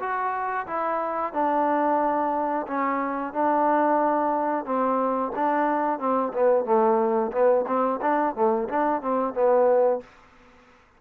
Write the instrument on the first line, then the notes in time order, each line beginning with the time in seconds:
trombone
0.00 F#4
0.67 E4
1.33 D4
2.68 C#4
3.33 D4
4.65 C4
5.36 D4
5.99 C4
6.34 B3
6.65 A3
7.32 B3
7.67 C4
8.02 D4
8.35 A3
8.69 D4
9.02 C4
9.34 B3